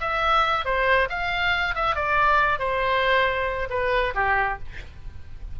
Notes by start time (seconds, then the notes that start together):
0.00 E5
0.65 C5
1.09 F5
1.75 E5
1.95 D5
2.59 C5
3.70 B4
4.14 G4